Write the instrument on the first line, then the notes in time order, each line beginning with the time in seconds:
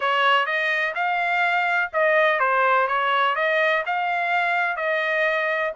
trumpet
0.00 C#5
0.46 D#5
0.94 F5
1.92 D#5
2.39 C5
2.87 C#5
3.35 D#5
3.86 F5
4.76 D#5